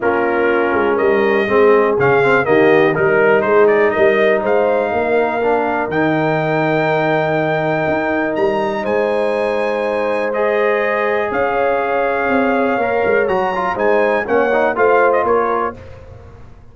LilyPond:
<<
  \new Staff \with { instrumentName = "trumpet" } { \time 4/4 \tempo 4 = 122 ais'2 dis''2 | f''4 dis''4 ais'4 c''8 d''8 | dis''4 f''2. | g''1~ |
g''4 ais''4 gis''2~ | gis''4 dis''2 f''4~ | f''2. ais''4 | gis''4 fis''4 f''8. dis''16 cis''4 | }
  \new Staff \with { instrumentName = "horn" } { \time 4/4 f'2 ais'4 gis'4~ | gis'4 g'4 ais'4 gis'4 | ais'4 c''4 ais'2~ | ais'1~ |
ais'2 c''2~ | c''2. cis''4~ | cis''1 | c''4 cis''4 c''4 ais'4 | }
  \new Staff \with { instrumentName = "trombone" } { \time 4/4 cis'2. c'4 | cis'8 c'8 ais4 dis'2~ | dis'2. d'4 | dis'1~ |
dis'1~ | dis'4 gis'2.~ | gis'2 ais'4 fis'8 f'8 | dis'4 cis'8 dis'8 f'2 | }
  \new Staff \with { instrumentName = "tuba" } { \time 4/4 ais4. gis8 g4 gis4 | cis4 dis4 g4 gis4 | g4 gis4 ais2 | dis1 |
dis'4 g4 gis2~ | gis2. cis'4~ | cis'4 c'4 ais8 gis8 fis4 | gis4 ais4 a4 ais4 | }
>>